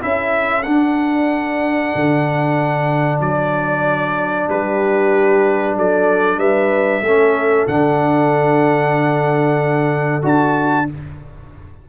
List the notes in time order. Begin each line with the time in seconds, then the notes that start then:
0.00 C#4 E4 A4 E5
0.63 D4 F#5
1.95 D3
3.20 F#3 D5
4.48 G3 G4 B4
5.77 F#3 A4 D5
6.37 G3 B4 E5
7.02 A3 C#4 A4
7.67 D3 D4 F#5
10.22 D4 F#4 A5